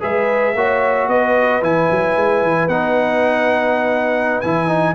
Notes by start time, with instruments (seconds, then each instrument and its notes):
0.00 tuba G#3, trombone G#4, horn B4, trumpet E5
0.55 tuba A#3, trombone F#4, horn C#5
1.08 tuba B3, horn B4, trumpet D#5
1.61 tuba E3, trombone E4, trumpet G#5
1.90 tuba F#3
2.16 tuba G#3
2.42 tuba E3
2.68 tuba B3, trombone D#4, trumpet F#5
4.40 tuba E3, trombone E4, trumpet G#5
4.68 trombone D#4